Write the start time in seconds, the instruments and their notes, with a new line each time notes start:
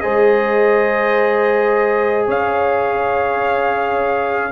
0.00 tuba G#3, trombone G#4, horn C5, trumpet D#5
2.27 tuba C#4, horn C#5, trumpet F5